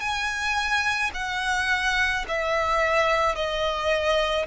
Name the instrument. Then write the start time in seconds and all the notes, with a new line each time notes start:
violin
0.00 G#5
1.14 F#5
2.28 E5
3.35 D#5